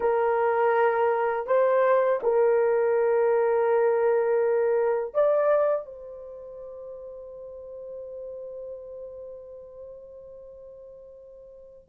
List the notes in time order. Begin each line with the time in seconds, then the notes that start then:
0.00 A#4
1.46 C5
2.22 A#4
5.14 D5
5.85 C5